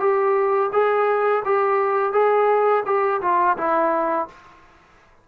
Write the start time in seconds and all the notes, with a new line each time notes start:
0.00 G4
0.73 G#4
1.45 G4
2.13 G#4
2.86 G4
3.22 F4
3.58 E4